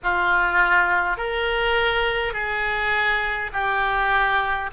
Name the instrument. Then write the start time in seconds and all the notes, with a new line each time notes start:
oboe
0.03 F4
1.17 A#4
2.33 G#4
3.52 G4